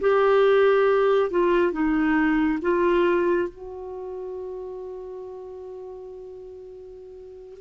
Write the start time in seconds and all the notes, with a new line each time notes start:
0.00 G4
1.30 F4
1.72 D#4
2.62 F4
3.49 F#4